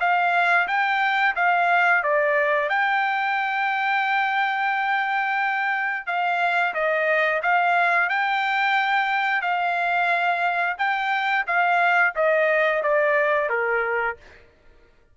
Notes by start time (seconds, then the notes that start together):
0.00 F5
0.67 G5
1.36 F5
2.03 D5
2.69 G5
6.06 F5
6.74 D#5
7.42 F5
8.09 G5
9.42 F5
10.78 G5
11.47 F5
12.16 D#5
12.83 D5
13.49 A#4